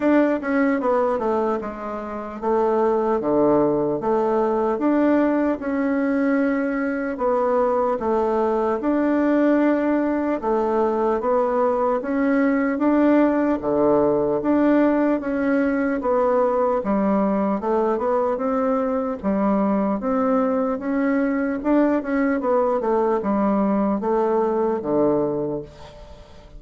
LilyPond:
\new Staff \with { instrumentName = "bassoon" } { \time 4/4 \tempo 4 = 75 d'8 cis'8 b8 a8 gis4 a4 | d4 a4 d'4 cis'4~ | cis'4 b4 a4 d'4~ | d'4 a4 b4 cis'4 |
d'4 d4 d'4 cis'4 | b4 g4 a8 b8 c'4 | g4 c'4 cis'4 d'8 cis'8 | b8 a8 g4 a4 d4 | }